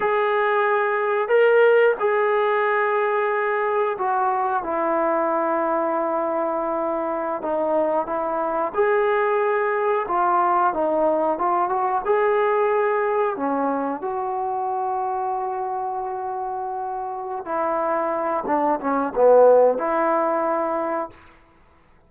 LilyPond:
\new Staff \with { instrumentName = "trombone" } { \time 4/4 \tempo 4 = 91 gis'2 ais'4 gis'4~ | gis'2 fis'4 e'4~ | e'2.~ e'16 dis'8.~ | dis'16 e'4 gis'2 f'8.~ |
f'16 dis'4 f'8 fis'8 gis'4.~ gis'16~ | gis'16 cis'4 fis'2~ fis'8.~ | fis'2~ fis'8 e'4. | d'8 cis'8 b4 e'2 | }